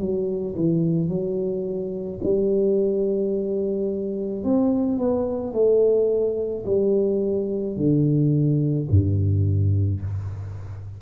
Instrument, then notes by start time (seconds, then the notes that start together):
tuba
0.00 F#3
0.56 E3
1.09 F#3
2.24 G3
4.44 C4
4.98 B3
5.54 A3
6.66 G3
7.77 D3
8.91 G2